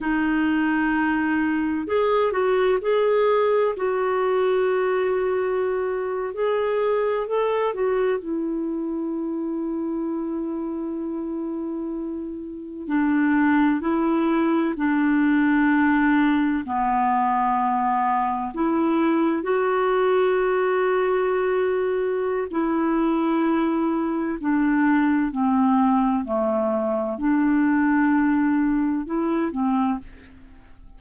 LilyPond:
\new Staff \with { instrumentName = "clarinet" } { \time 4/4 \tempo 4 = 64 dis'2 gis'8 fis'8 gis'4 | fis'2~ fis'8. gis'4 a'16~ | a'16 fis'8 e'2.~ e'16~ | e'4.~ e'16 d'4 e'4 d'16~ |
d'4.~ d'16 b2 e'16~ | e'8. fis'2.~ fis'16 | e'2 d'4 c'4 | a4 d'2 e'8 c'8 | }